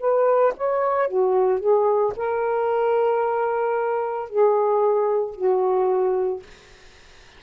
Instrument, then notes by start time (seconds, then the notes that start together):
saxophone
0.00 B4
0.57 C#5
1.08 F#4
1.59 G#4
2.16 A#4
4.30 G#4
5.35 F#4